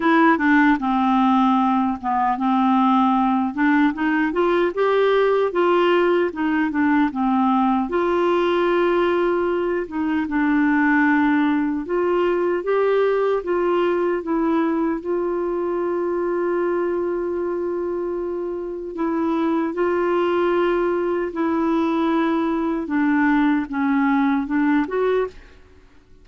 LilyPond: \new Staff \with { instrumentName = "clarinet" } { \time 4/4 \tempo 4 = 76 e'8 d'8 c'4. b8 c'4~ | c'8 d'8 dis'8 f'8 g'4 f'4 | dis'8 d'8 c'4 f'2~ | f'8 dis'8 d'2 f'4 |
g'4 f'4 e'4 f'4~ | f'1 | e'4 f'2 e'4~ | e'4 d'4 cis'4 d'8 fis'8 | }